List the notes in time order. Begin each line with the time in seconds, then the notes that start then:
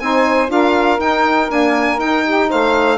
0.00 C4 D#4 C5 G#5
0.48 D4 F4 A#4 F5
0.99 D#4 G5
1.50 A#3 D4 G#5
1.98 D#4 G5
2.25 G4
2.49 A3 C5 F5